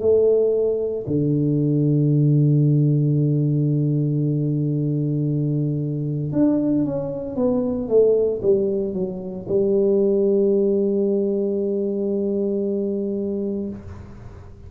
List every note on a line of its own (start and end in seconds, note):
0.00 1.05 A3
1.07 6.33 D3
6.33 6.85 D4
6.85 7.36 C#4
7.36 7.89 B3
7.89 8.41 A3
8.42 8.94 G3
8.94 9.46 F#3
9.48 13.69 G3